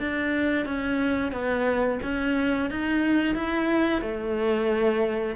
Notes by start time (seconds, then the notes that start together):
0.00 D4
0.66 C#4
1.32 B3
2.03 C#4
2.71 D#4
3.36 E4
4.02 A3